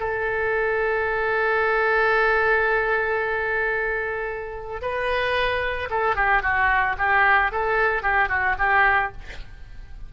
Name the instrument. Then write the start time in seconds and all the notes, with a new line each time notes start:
oboe
0.00 A4
4.82 B4
5.90 A4
6.16 G4
6.43 F#4
6.98 G4
7.52 A4
8.03 G4
8.29 F#4
8.59 G4